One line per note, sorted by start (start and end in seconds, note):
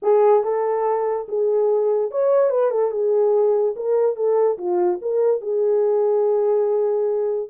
0.02 0.43 G#4
0.43 1.27 A4
1.28 2.11 G#4
2.11 2.50 C#5
2.50 2.71 B4
2.71 2.91 A4
2.91 3.74 G#4
3.76 4.16 A#4
4.16 4.57 A4
4.58 4.99 F4
5.01 5.41 A#4
5.41 7.49 G#4